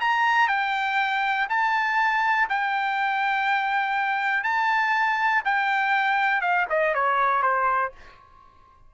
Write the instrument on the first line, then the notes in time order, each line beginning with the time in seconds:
trumpet
0.00 A#5
0.48 G5
1.49 A5
2.49 G5
4.44 A5
5.45 G5
6.41 F5
6.69 D#5
6.94 C#5
7.42 C5